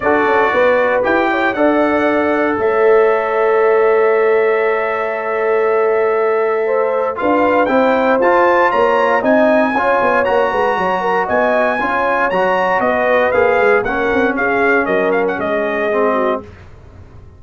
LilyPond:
<<
  \new Staff \with { instrumentName = "trumpet" } { \time 4/4 \tempo 4 = 117 d''2 g''4 fis''4~ | fis''4 e''2.~ | e''1~ | e''2 f''4 g''4 |
a''4 ais''4 gis''2 | ais''2 gis''2 | ais''4 dis''4 f''4 fis''4 | f''4 dis''8 f''16 fis''16 dis''2 | }
  \new Staff \with { instrumentName = "horn" } { \time 4/4 a'4 b'4. cis''8 d''4~ | d''4 cis''2.~ | cis''1~ | cis''4 c''4 b'4 c''4~ |
c''4 cis''4 dis''4 cis''4~ | cis''8 b'8 cis''8 ais'8 dis''4 cis''4~ | cis''4 b'2 ais'4 | gis'4 ais'4 gis'4. fis'8 | }
  \new Staff \with { instrumentName = "trombone" } { \time 4/4 fis'2 g'4 a'4~ | a'1~ | a'1~ | a'2 f'4 e'4 |
f'2 dis'4 f'4 | fis'2. f'4 | fis'2 gis'4 cis'4~ | cis'2. c'4 | }
  \new Staff \with { instrumentName = "tuba" } { \time 4/4 d'8 cis'8 b4 e'4 d'4~ | d'4 a2.~ | a1~ | a2 d'4 c'4 |
f'4 ais4 c'4 cis'8 b8 | ais8 gis8 fis4 b4 cis'4 | fis4 b4 ais8 gis8 ais8 c'8 | cis'4 fis4 gis2 | }
>>